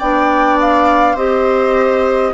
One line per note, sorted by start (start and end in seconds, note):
0.00 1.15 B3
0.00 1.17 D4
0.00 1.14 D5
0.00 0.59 G5
0.61 1.17 F5
1.14 2.33 C4
1.14 2.34 G4
1.14 2.32 C5
1.14 2.34 D#5